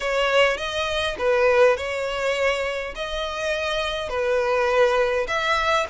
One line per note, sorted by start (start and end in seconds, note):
0.00 0.57 C#5
0.57 1.16 D#5
1.18 1.76 B4
1.76 2.94 C#5
2.95 4.09 D#5
4.09 5.26 B4
5.27 5.86 E5